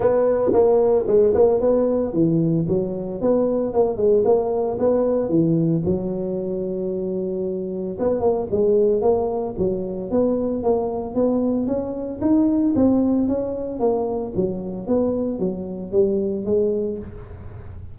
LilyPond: \new Staff \with { instrumentName = "tuba" } { \time 4/4 \tempo 4 = 113 b4 ais4 gis8 ais8 b4 | e4 fis4 b4 ais8 gis8 | ais4 b4 e4 fis4~ | fis2. b8 ais8 |
gis4 ais4 fis4 b4 | ais4 b4 cis'4 dis'4 | c'4 cis'4 ais4 fis4 | b4 fis4 g4 gis4 | }